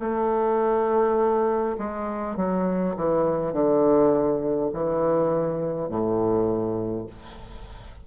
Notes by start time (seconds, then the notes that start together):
0.00 A3
1.79 G#3
2.37 F#3
2.97 E3
3.53 D3
4.74 E3
5.89 A2